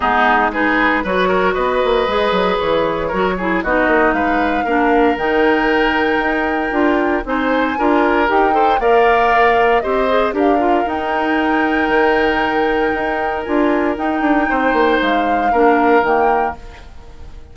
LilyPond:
<<
  \new Staff \with { instrumentName = "flute" } { \time 4/4 \tempo 4 = 116 gis'4 b'4 cis''4 dis''4~ | dis''4 cis''2 dis''4 | f''2 g''2~ | g''2 gis''2 |
g''4 f''2 dis''4 | f''4 g''2.~ | g''2 gis''4 g''4~ | g''4 f''2 g''4 | }
  \new Staff \with { instrumentName = "oboe" } { \time 4/4 dis'4 gis'4 b'8 ais'8 b'4~ | b'2 ais'8 gis'8 fis'4 | b'4 ais'2.~ | ais'2 c''4 ais'4~ |
ais'8 c''8 d''2 c''4 | ais'1~ | ais'1 | c''2 ais'2 | }
  \new Staff \with { instrumentName = "clarinet" } { \time 4/4 b4 dis'4 fis'2 | gis'2 fis'8 e'8 dis'4~ | dis'4 d'4 dis'2~ | dis'4 f'4 dis'4 f'4 |
g'8 a'8 ais'2 g'8 gis'8 | g'8 f'8 dis'2.~ | dis'2 f'4 dis'4~ | dis'2 d'4 ais4 | }
  \new Staff \with { instrumentName = "bassoon" } { \time 4/4 gis2 fis4 b8 ais8 | gis8 fis8 e4 fis4 b8 ais8 | gis4 ais4 dis2 | dis'4 d'4 c'4 d'4 |
dis'4 ais2 c'4 | d'4 dis'2 dis4~ | dis4 dis'4 d'4 dis'8 d'8 | c'8 ais8 gis4 ais4 dis4 | }
>>